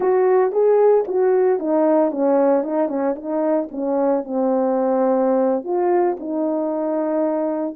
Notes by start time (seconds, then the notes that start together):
0.00 F#4
0.51 G#4
1.07 F#4
1.59 D#4
2.11 C#4
2.63 D#4
2.88 C#4
3.15 D#4
3.71 C#4
4.23 C4
5.64 F4
6.19 D#4